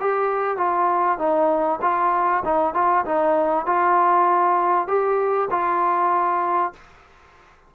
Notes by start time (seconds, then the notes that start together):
0.00 G4
0.57 F4
1.18 D#4
1.82 F4
2.45 D#4
2.74 F4
3.05 D#4
3.66 F4
4.88 G4
5.50 F4